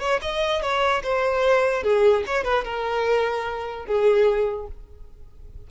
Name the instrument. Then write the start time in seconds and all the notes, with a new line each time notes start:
violin
0.00 C#5
0.22 D#5
0.62 C#5
1.04 C5
1.84 G#4
2.27 C#5
2.44 B4
2.65 A#4
3.86 G#4